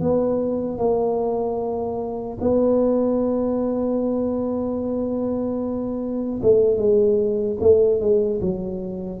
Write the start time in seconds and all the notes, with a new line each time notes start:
0.00 B3
0.77 A#3
2.40 B3
6.42 A3
6.77 G#3
7.60 A3
8.00 G#3
8.40 F#3